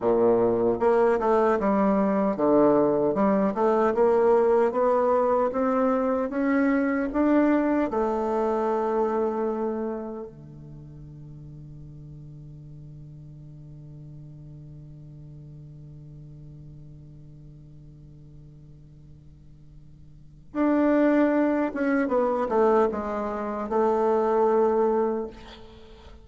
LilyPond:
\new Staff \with { instrumentName = "bassoon" } { \time 4/4 \tempo 4 = 76 ais,4 ais8 a8 g4 d4 | g8 a8 ais4 b4 c'4 | cis'4 d'4 a2~ | a4 d2.~ |
d1~ | d1~ | d2 d'4. cis'8 | b8 a8 gis4 a2 | }